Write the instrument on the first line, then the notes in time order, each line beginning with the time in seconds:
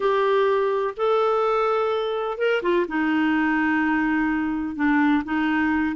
clarinet
0.00 G4
0.97 A4
2.38 A#4
2.62 F4
2.88 D#4
4.75 D4
5.24 D#4